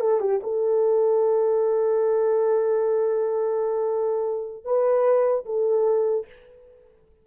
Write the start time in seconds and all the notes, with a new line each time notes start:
0.00 A4
0.20 G4
0.43 A4
4.64 B4
5.45 A4